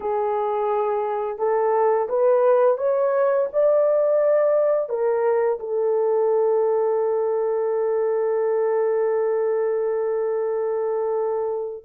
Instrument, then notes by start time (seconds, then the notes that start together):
horn
0.00 G#4
1.38 A4
2.09 B4
2.77 C#5
3.52 D5
4.89 A#4
5.59 A4